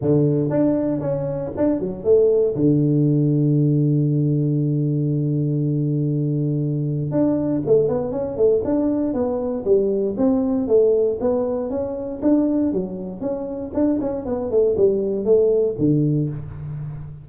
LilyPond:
\new Staff \with { instrumentName = "tuba" } { \time 4/4 \tempo 4 = 118 d4 d'4 cis'4 d'8 fis8 | a4 d2.~ | d1~ | d2 d'4 a8 b8 |
cis'8 a8 d'4 b4 g4 | c'4 a4 b4 cis'4 | d'4 fis4 cis'4 d'8 cis'8 | b8 a8 g4 a4 d4 | }